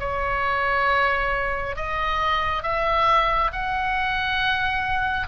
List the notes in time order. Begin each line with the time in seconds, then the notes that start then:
0.00 C#5
1.76 D#5
2.64 E5
3.53 F#5